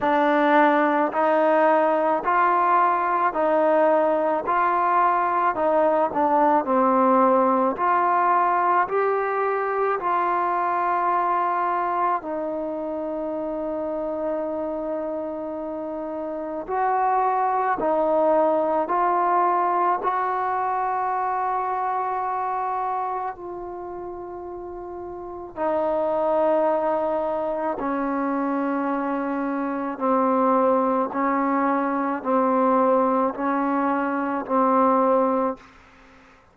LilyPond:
\new Staff \with { instrumentName = "trombone" } { \time 4/4 \tempo 4 = 54 d'4 dis'4 f'4 dis'4 | f'4 dis'8 d'8 c'4 f'4 | g'4 f'2 dis'4~ | dis'2. fis'4 |
dis'4 f'4 fis'2~ | fis'4 f'2 dis'4~ | dis'4 cis'2 c'4 | cis'4 c'4 cis'4 c'4 | }